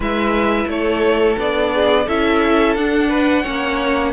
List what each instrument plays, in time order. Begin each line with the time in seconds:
0.00 cello G#3, viola E4, violin B4 E5
0.67 cello A3, violin A4 C#5
1.37 cello B3, viola D4, violin D5
1.73 violin G#4
2.05 cello C#4, viola E4, violin A4 E5
2.75 cello D4, viola D4, violin F#5
3.08 violin B4
3.42 cello A#3, viola C#4, violin C#5